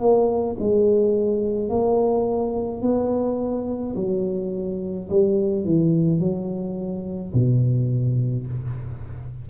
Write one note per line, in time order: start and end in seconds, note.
0.00 0.57 A#3
0.60 1.70 G#3
1.70 2.82 A#3
2.82 3.95 B3
3.96 5.09 F#3
5.10 5.66 G3
5.66 6.20 E3
6.20 7.33 F#3
7.34 8.47 B2